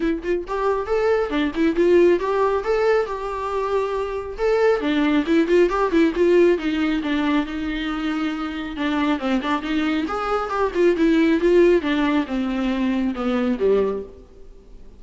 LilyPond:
\new Staff \with { instrumentName = "viola" } { \time 4/4 \tempo 4 = 137 e'8 f'8 g'4 a'4 d'8 e'8 | f'4 g'4 a'4 g'4~ | g'2 a'4 d'4 | e'8 f'8 g'8 e'8 f'4 dis'4 |
d'4 dis'2. | d'4 c'8 d'8 dis'4 gis'4 | g'8 f'8 e'4 f'4 d'4 | c'2 b4 g4 | }